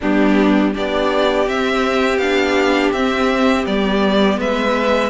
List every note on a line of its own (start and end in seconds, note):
0.00 0.76 G3
0.00 0.74 B3
0.00 0.73 D4
0.00 0.75 G4
0.73 1.46 B3
0.73 1.46 D4
0.73 4.39 G4
0.73 1.48 D5
1.46 2.19 C4
1.46 2.17 C4
1.46 2.18 E5
2.17 2.90 B3
2.17 2.94 D4
2.17 2.91 F5
2.92 3.65 C4
2.92 3.65 E5
3.65 4.37 G3
3.65 5.10 B3
3.65 4.39 D5
4.37 5.10 G#3
4.37 5.10 B4
4.37 5.10 E5